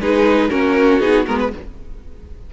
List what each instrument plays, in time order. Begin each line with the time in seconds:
0.00 cello G#3, viola D#4, violin G#4 B4
0.51 cello A#3, viola C#4, violin F#4 A#4
1.00 cello B3, viola D#4, violin G#4
1.27 cello G#3, viola B3, violin A#4
1.40 violin B4